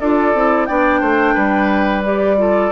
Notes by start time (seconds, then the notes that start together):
0.00 D4 F4 A4 D5
0.34 C4 E4
0.65 B3 D4 D5 G5
1.00 A3 C5
1.34 G3 B4
2.04 G4 D5
2.37 F4 A4